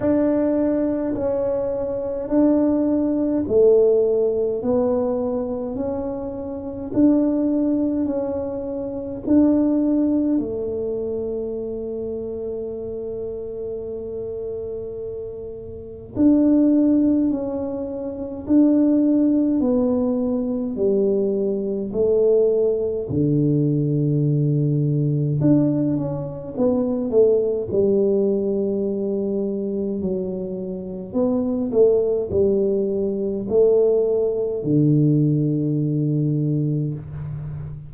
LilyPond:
\new Staff \with { instrumentName = "tuba" } { \time 4/4 \tempo 4 = 52 d'4 cis'4 d'4 a4 | b4 cis'4 d'4 cis'4 | d'4 a2.~ | a2 d'4 cis'4 |
d'4 b4 g4 a4 | d2 d'8 cis'8 b8 a8 | g2 fis4 b8 a8 | g4 a4 d2 | }